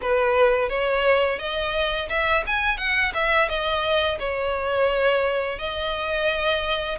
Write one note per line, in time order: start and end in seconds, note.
0.01 0.68 B4
0.68 1.38 C#5
1.39 2.08 D#5
2.09 2.44 E5
2.46 2.77 G#5
2.77 3.12 F#5
3.14 3.48 E5
3.48 4.18 D#5
4.19 5.58 C#5
5.58 6.98 D#5